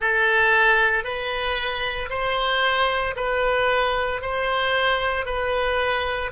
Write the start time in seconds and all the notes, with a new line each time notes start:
0.00 A4
1.04 B4
2.09 C5
3.16 B4
4.21 C5
5.25 B4